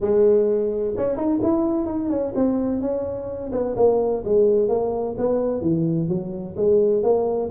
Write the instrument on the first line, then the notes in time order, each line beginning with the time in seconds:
tuba
0.00 G#3
0.97 C#4
1.16 D#4
1.42 E4
1.86 D#4
2.09 C#4
2.35 C4
2.81 C#4
3.52 B3
3.76 A#3
4.24 G#3
4.68 A#3
5.17 B3
5.61 E3
6.08 F#3
6.56 G#3
7.02 A#3